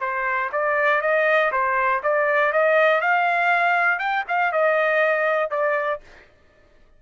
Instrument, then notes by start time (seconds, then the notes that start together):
trumpet
0.00 C5
0.52 D5
1.01 D#5
1.52 C5
2.03 D5
2.52 D#5
3.01 F5
3.99 G5
4.28 F5
4.52 D#5
5.50 D5